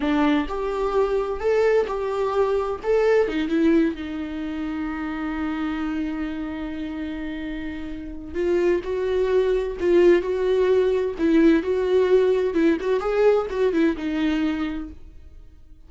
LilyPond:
\new Staff \with { instrumentName = "viola" } { \time 4/4 \tempo 4 = 129 d'4 g'2 a'4 | g'2 a'4 dis'8 e'8~ | e'8 dis'2.~ dis'8~ | dis'1~ |
dis'2 f'4 fis'4~ | fis'4 f'4 fis'2 | e'4 fis'2 e'8 fis'8 | gis'4 fis'8 e'8 dis'2 | }